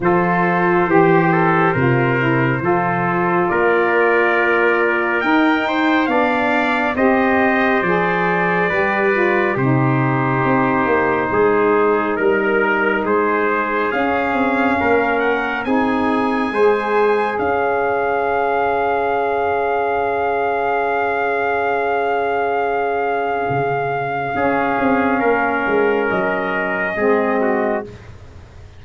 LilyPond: <<
  \new Staff \with { instrumentName = "trumpet" } { \time 4/4 \tempo 4 = 69 c''1 | d''2 g''4 f''4 | dis''4 d''2 c''4~ | c''2 ais'4 c''4 |
f''4. fis''8 gis''2 | f''1~ | f''1~ | f''2 dis''2 | }
  \new Staff \with { instrumentName = "trumpet" } { \time 4/4 a'4 g'8 a'8 ais'4 a'4 | ais'2~ ais'8 c''8 d''4 | c''2 b'4 g'4~ | g'4 gis'4 ais'4 gis'4~ |
gis'4 ais'4 gis'4 c''4 | cis''1~ | cis''1 | gis'4 ais'2 gis'8 fis'8 | }
  \new Staff \with { instrumentName = "saxophone" } { \time 4/4 f'4 g'4 f'8 e'8 f'4~ | f'2 dis'4 d'4 | g'4 gis'4 g'8 f'8 dis'4~ | dis'1 |
cis'2 dis'4 gis'4~ | gis'1~ | gis'1 | cis'2. c'4 | }
  \new Staff \with { instrumentName = "tuba" } { \time 4/4 f4 e4 c4 f4 | ais2 dis'4 b4 | c'4 f4 g4 c4 | c'8 ais8 gis4 g4 gis4 |
cis'8 c'8 ais4 c'4 gis4 | cis'1~ | cis'2. cis4 | cis'8 c'8 ais8 gis8 fis4 gis4 | }
>>